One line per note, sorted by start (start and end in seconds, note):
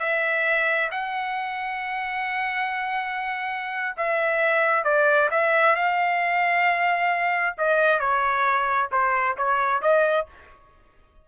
0.00 0.90 E5
0.91 3.96 F#5
3.97 4.84 E5
4.84 5.29 D5
5.31 5.76 E5
5.76 7.56 F5
7.58 8.00 D#5
8.00 8.90 C#5
8.92 9.37 C5
9.37 9.82 C#5
9.82 10.27 D#5